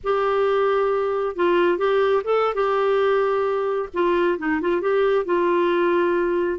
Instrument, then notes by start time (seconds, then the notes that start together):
clarinet
0.03 G4
1.36 F4
1.78 G4
2.24 A4
2.54 G4
3.93 F4
4.38 D#4
4.61 F4
4.81 G4
5.25 F4